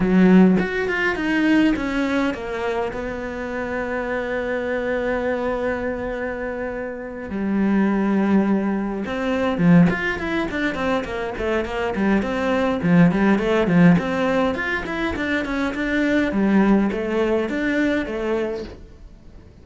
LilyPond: \new Staff \with { instrumentName = "cello" } { \time 4/4 \tempo 4 = 103 fis4 fis'8 f'8 dis'4 cis'4 | ais4 b2.~ | b1~ | b8 g2. c'8~ |
c'8 f8 f'8 e'8 d'8 c'8 ais8 a8 | ais8 g8 c'4 f8 g8 a8 f8 | c'4 f'8 e'8 d'8 cis'8 d'4 | g4 a4 d'4 a4 | }